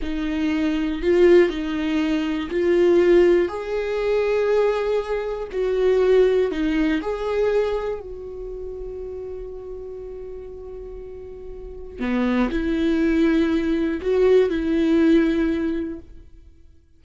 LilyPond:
\new Staff \with { instrumentName = "viola" } { \time 4/4 \tempo 4 = 120 dis'2 f'4 dis'4~ | dis'4 f'2 gis'4~ | gis'2. fis'4~ | fis'4 dis'4 gis'2 |
fis'1~ | fis'1 | b4 e'2. | fis'4 e'2. | }